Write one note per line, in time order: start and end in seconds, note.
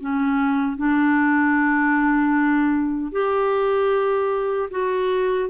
0.00 0.77 C#4
0.77 3.11 D4
3.11 4.69 G4
4.70 5.49 F#4